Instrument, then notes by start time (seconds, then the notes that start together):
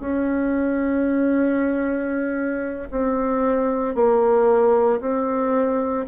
bassoon
0.00 C#4
2.91 C4
3.95 A#3
5.00 C4